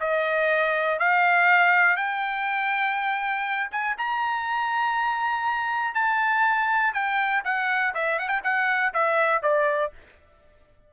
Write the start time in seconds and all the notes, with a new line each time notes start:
0.00 D#5
0.99 F5
1.96 G5
3.71 G#5
3.98 A#5
5.95 A5
6.94 G5
7.45 F#5
7.95 E5
8.19 F#5
8.28 G5
8.44 F#5
8.94 E5
9.43 D5